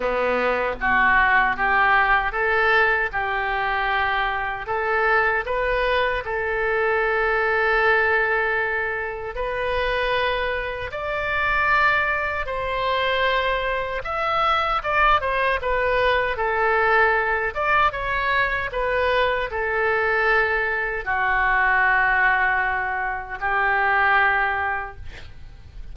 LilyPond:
\new Staff \with { instrumentName = "oboe" } { \time 4/4 \tempo 4 = 77 b4 fis'4 g'4 a'4 | g'2 a'4 b'4 | a'1 | b'2 d''2 |
c''2 e''4 d''8 c''8 | b'4 a'4. d''8 cis''4 | b'4 a'2 fis'4~ | fis'2 g'2 | }